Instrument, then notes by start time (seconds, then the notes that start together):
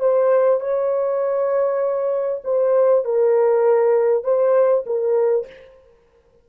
horn
0.00 C5
0.60 C#5
2.44 C5
3.05 A#4
4.24 C5
4.86 A#4